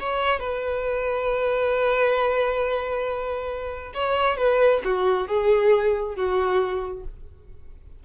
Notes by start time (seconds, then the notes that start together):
0.00 C#5
0.40 B4
3.94 C#5
4.38 B4
4.85 F#4
5.28 G#4
6.16 F#4